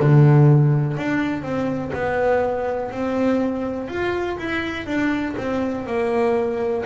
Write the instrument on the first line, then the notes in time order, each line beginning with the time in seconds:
double bass
0.00 D3
0.97 D4
1.43 C4
1.94 B3
2.92 C4
3.89 F4
4.39 E4
4.86 D4
5.38 C4
5.87 A#3